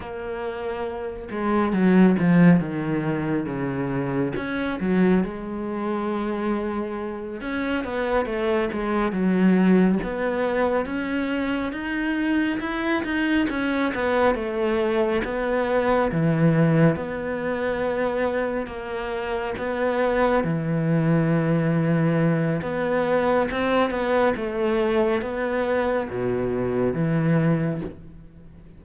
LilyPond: \new Staff \with { instrumentName = "cello" } { \time 4/4 \tempo 4 = 69 ais4. gis8 fis8 f8 dis4 | cis4 cis'8 fis8 gis2~ | gis8 cis'8 b8 a8 gis8 fis4 b8~ | b8 cis'4 dis'4 e'8 dis'8 cis'8 |
b8 a4 b4 e4 b8~ | b4. ais4 b4 e8~ | e2 b4 c'8 b8 | a4 b4 b,4 e4 | }